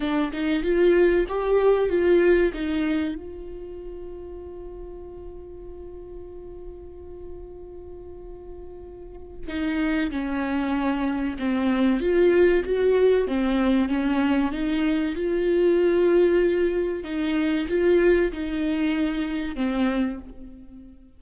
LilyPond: \new Staff \with { instrumentName = "viola" } { \time 4/4 \tempo 4 = 95 d'8 dis'8 f'4 g'4 f'4 | dis'4 f'2.~ | f'1~ | f'2. dis'4 |
cis'2 c'4 f'4 | fis'4 c'4 cis'4 dis'4 | f'2. dis'4 | f'4 dis'2 c'4 | }